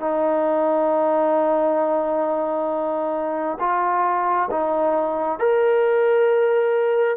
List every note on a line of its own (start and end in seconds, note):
0.00 3.58 D#4
3.60 4.49 F4
4.51 5.39 D#4
5.39 7.17 A#4